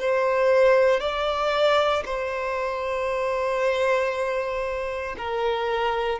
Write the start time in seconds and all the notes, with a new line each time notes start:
0.00 C5
1.00 D5
2.05 C5
5.18 A#4